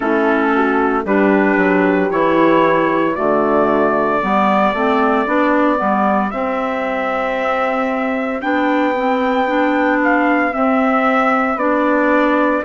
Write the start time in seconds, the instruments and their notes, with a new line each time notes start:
0.00 bassoon A3, clarinet C#4, horn E4, trumpet A4
0.55 horn F#4
1.05 bassoon G3, clarinet D4, horn G4, trumpet B4
1.57 bassoon F#3
2.10 bassoon E3, clarinet E4, trumpet C#5
3.15 bassoon D3, clarinet A3, horn F#4, trumpet D5
4.19 bassoon G3, clarinet B3, horn G4
4.73 bassoon A3, clarinet C4
5.26 bassoon B3, clarinet D4
5.77 bassoon G3, clarinet B3
6.30 bassoon C4, clarinet C4, trumpet E5
8.41 bassoon B3, clarinet D4, trumpet G5
8.95 clarinet C4
9.47 clarinet D4
10.03 trumpet F5
10.52 clarinet C4, bassoon C4, trumpet E5
11.55 bassoon B3, clarinet D4, trumpet D5